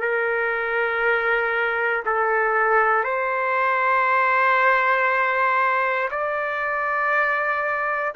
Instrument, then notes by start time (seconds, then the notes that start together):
trumpet
0.00 A#4
2.05 A4
3.04 C5
6.10 D5